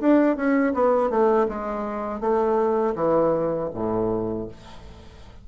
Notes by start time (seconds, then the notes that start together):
0.00 D4
0.36 C#4
0.74 B3
1.09 A3
1.48 G#3
2.20 A3
2.95 E3
3.74 A2